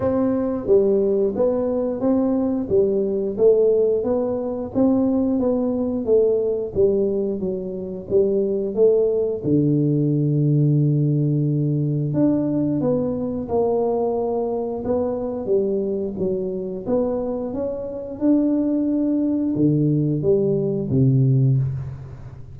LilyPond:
\new Staff \with { instrumentName = "tuba" } { \time 4/4 \tempo 4 = 89 c'4 g4 b4 c'4 | g4 a4 b4 c'4 | b4 a4 g4 fis4 | g4 a4 d2~ |
d2 d'4 b4 | ais2 b4 g4 | fis4 b4 cis'4 d'4~ | d'4 d4 g4 c4 | }